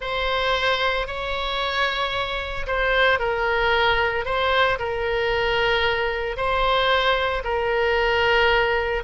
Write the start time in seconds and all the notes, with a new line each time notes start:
0.00 C5
1.07 C#5
2.66 C5
3.19 A#4
4.25 C5
4.78 A#4
6.36 C5
7.43 A#4